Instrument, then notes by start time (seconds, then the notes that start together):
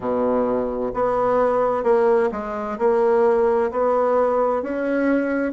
bassoon
0.00 B2
0.94 B3
1.83 A#3
2.31 G#3
2.78 A#3
3.71 B3
4.62 C#4